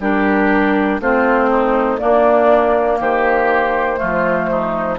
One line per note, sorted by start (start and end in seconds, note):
0.00 1.00 G3
0.00 1.01 D4
0.00 1.01 G4
0.00 1.01 A#4
1.00 2.00 A3
1.00 1.99 C4
1.00 1.50 F4
1.00 1.98 C5
1.50 2.00 D#4
1.98 3.97 A#3
1.98 3.00 A#3
1.98 3.00 D4
1.98 2.98 D5
3.00 4.00 D#3
3.00 4.00 G4
3.00 4.99 C5
3.97 4.99 F3
3.97 4.97 A3
3.97 4.50 F4
4.52 4.99 D#4